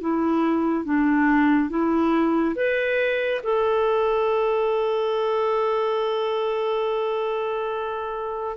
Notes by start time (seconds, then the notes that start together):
0.00 E4
0.85 D4
1.69 E4
2.55 B4
3.43 A4